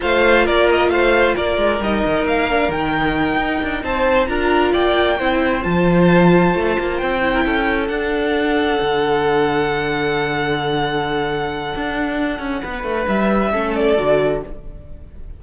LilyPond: <<
  \new Staff \with { instrumentName = "violin" } { \time 4/4 \tempo 4 = 133 f''4 d''8 dis''8 f''4 d''4 | dis''4 f''4 g''2~ | g''8 a''4 ais''4 g''4.~ | g''8 a''2. g''8~ |
g''4. fis''2~ fis''8~ | fis''1~ | fis''1~ | fis''4 e''4. d''4. | }
  \new Staff \with { instrumentName = "violin" } { \time 4/4 c''4 ais'4 c''4 ais'4~ | ais'1~ | ais'8 c''4 ais'4 d''4 c''8~ | c''1~ |
c''16 ais'16 a'2.~ a'8~ | a'1~ | a'1 | b'2 a'2 | }
  \new Staff \with { instrumentName = "viola" } { \time 4/4 f'1 | dis'4. d'8 dis'2~ | dis'4. f'2 e'8~ | e'8 f'2.~ f'8 |
e'4. d'2~ d'8~ | d'1~ | d'1~ | d'2 cis'4 fis'4 | }
  \new Staff \with { instrumentName = "cello" } { \time 4/4 a4 ais4 a4 ais8 gis8 | g8 dis8 ais4 dis4. dis'8 | d'8 c'4 d'4 ais4 c'8~ | c'8 f2 a8 ais8 c'8~ |
c'8 cis'4 d'2 d8~ | d1~ | d2 d'4. cis'8 | b8 a8 g4 a4 d4 | }
>>